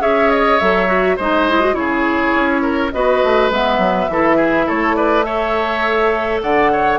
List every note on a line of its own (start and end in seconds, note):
0.00 0.58 C#4
0.00 0.59 G#4
0.00 1.16 C#5
0.00 0.30 E5
0.30 0.59 D#5
0.59 1.18 F#3
0.59 0.87 A4
0.59 1.17 E5
0.87 1.16 F#4
1.16 1.74 G#3
1.16 1.49 D#4
1.16 1.74 C5
1.16 1.74 D#5
1.49 1.60 E4
1.60 1.73 F#4
1.73 2.32 C#3
1.73 2.90 E4
1.73 2.62 G#4
1.73 2.90 C#5
2.34 2.92 C#4
2.62 2.91 A#4
2.92 3.23 B3
2.92 3.51 F#4
2.92 4.11 B4
2.92 3.50 D#5
3.23 3.50 A3
3.50 3.78 G#3
3.50 4.09 B3
3.50 4.68 E5
3.78 4.07 F#3
4.08 4.66 E3
4.08 5.22 E4
4.08 4.36 A4
4.36 4.65 G#4
4.66 6.42 A3
4.66 4.95 A4
4.66 4.95 C#5
4.95 5.25 B4
4.95 5.22 D5
5.22 6.97 A4
5.22 6.42 C#5
5.22 6.39 E5
6.42 6.98 D3
6.42 6.71 D5
6.42 6.98 F#5
6.72 6.98 C#5